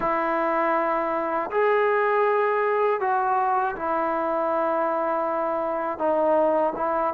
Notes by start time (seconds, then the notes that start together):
0.00 E4
1.50 G#4
3.00 F#4
3.75 E4
5.98 D#4
6.76 E4